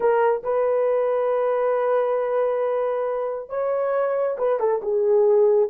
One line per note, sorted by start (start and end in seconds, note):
0.00 0.42 A#4
0.43 3.49 B4
3.49 4.37 C#5
4.38 4.59 B4
4.59 4.81 A4
4.82 5.69 G#4